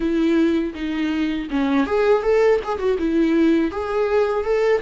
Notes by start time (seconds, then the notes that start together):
0.00 E4
0.74 D#4
1.50 C#4
1.86 G#4
2.22 A4
2.63 G#4
2.78 F#4
2.98 E4
3.71 G#4
4.44 A4